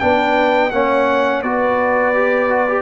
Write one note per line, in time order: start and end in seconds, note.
0.00 0.72 B3
0.00 0.72 D4
0.00 0.74 B4
0.00 0.71 G5
0.71 1.43 A#3
0.71 1.44 C#4
0.71 1.43 C#5
0.71 1.42 F#5
1.43 2.82 B3
1.43 2.14 F#4
1.43 2.82 B4
1.43 2.82 D5
2.14 2.50 G4
2.50 2.68 F#4
2.68 2.82 G4